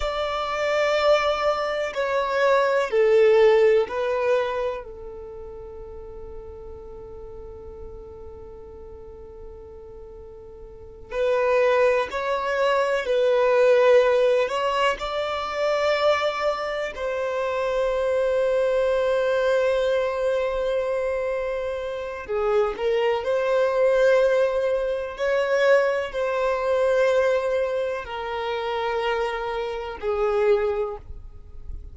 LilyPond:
\new Staff \with { instrumentName = "violin" } { \time 4/4 \tempo 4 = 62 d''2 cis''4 a'4 | b'4 a'2.~ | a'2.~ a'8 b'8~ | b'8 cis''4 b'4. cis''8 d''8~ |
d''4. c''2~ c''8~ | c''2. gis'8 ais'8 | c''2 cis''4 c''4~ | c''4 ais'2 gis'4 | }